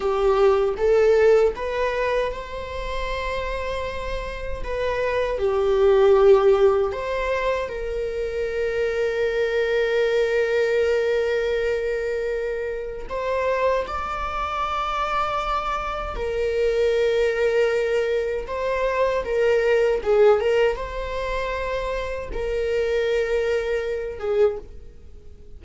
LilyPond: \new Staff \with { instrumentName = "viola" } { \time 4/4 \tempo 4 = 78 g'4 a'4 b'4 c''4~ | c''2 b'4 g'4~ | g'4 c''4 ais'2~ | ais'1~ |
ais'4 c''4 d''2~ | d''4 ais'2. | c''4 ais'4 gis'8 ais'8 c''4~ | c''4 ais'2~ ais'8 gis'8 | }